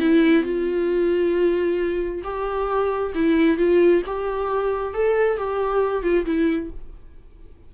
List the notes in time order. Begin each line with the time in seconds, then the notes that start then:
0.00 E4
0.43 F4
2.24 G4
3.15 E4
3.58 F4
4.06 G4
4.94 A4
5.38 G4
6.03 F4
6.26 E4